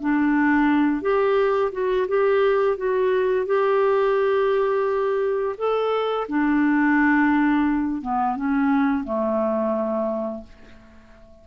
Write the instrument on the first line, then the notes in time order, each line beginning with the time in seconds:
clarinet
0.00 D4
1.01 G4
1.72 F#4
2.07 G4
2.77 F#4
3.46 G4
5.57 A4
6.28 D4
8.01 B3
8.36 C#4
9.04 A3